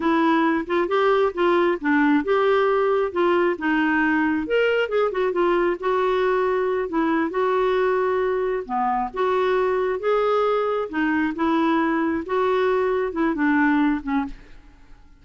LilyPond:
\new Staff \with { instrumentName = "clarinet" } { \time 4/4 \tempo 4 = 135 e'4. f'8 g'4 f'4 | d'4 g'2 f'4 | dis'2 ais'4 gis'8 fis'8 | f'4 fis'2~ fis'8 e'8~ |
e'8 fis'2. b8~ | b8 fis'2 gis'4.~ | gis'8 dis'4 e'2 fis'8~ | fis'4. e'8 d'4. cis'8 | }